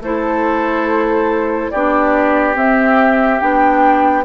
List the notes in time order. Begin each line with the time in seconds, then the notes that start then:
0.00 A3 E4 A4 C5
1.70 B3 D4 G4 D5
2.54 C4 E5
3.39 B3 D4 G5